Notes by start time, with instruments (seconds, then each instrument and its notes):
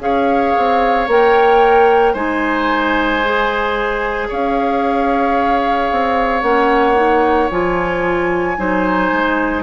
0.00 bassoon C#4, clarinet G#4, oboe C#5, flute F5
0.58 bassoon C4
1.08 bassoon A#3, clarinet A#4, flute G5
2.14 bassoon G#3, clarinet D#4, oboe C5, flute G#5
3.25 clarinet G#4
4.29 bassoon C#4, oboe C#5, flute F5
5.92 bassoon C4
6.43 bassoon A#3, clarinet C#4, flute F#5
6.96 clarinet D#4
7.51 bassoon F3, clarinet F4, flute G#5
8.58 bassoon F#3, clarinet D#4, oboe C5
9.12 bassoon G#3